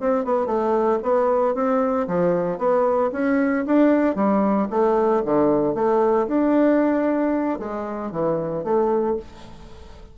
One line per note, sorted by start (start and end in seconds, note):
0.00 0.24 C4
0.24 0.46 B3
0.46 0.99 A3
1.02 1.54 B3
1.54 2.07 C4
2.07 2.58 F3
2.58 3.10 B3
3.12 3.65 C#4
3.66 4.15 D4
4.15 4.67 G3
4.70 5.22 A3
5.24 5.74 D3
5.74 6.27 A3
6.27 7.59 D4
7.59 8.11 G#3
8.11 8.63 E3
8.63 9.16 A3